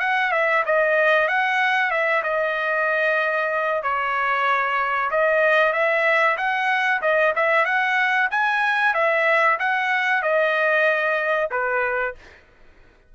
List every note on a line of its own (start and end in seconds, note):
0.00 0.32 F#5
0.32 0.64 E5
0.66 1.29 D#5
1.29 1.91 F#5
1.91 2.23 E5
2.24 3.83 D#5
3.83 5.11 C#5
5.11 5.73 D#5
5.73 6.37 E5
6.38 7.02 F#5
7.02 7.34 D#5
7.36 7.66 E5
7.66 8.29 F#5
8.31 8.94 G#5
8.94 9.58 E5
9.60 10.23 F#5
10.23 11.50 D#5
11.51 12.15 B4